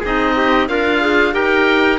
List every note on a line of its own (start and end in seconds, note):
0.00 0.69 C4
0.00 0.68 D#4
0.00 0.33 G#4
0.00 0.68 D#5
0.36 0.69 G4
0.68 1.34 D4
0.68 1.34 F4
0.68 1.01 A#4
0.68 1.34 F5
1.01 1.32 G#4
1.32 1.99 D#4
1.32 1.98 G4
1.32 1.99 A#4
1.32 1.99 G5